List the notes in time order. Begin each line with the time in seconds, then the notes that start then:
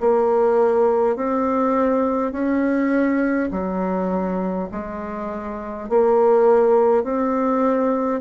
0.00 A#3
1.16 C4
2.32 C#4
3.51 F#3
4.72 G#3
5.89 A#3
7.04 C4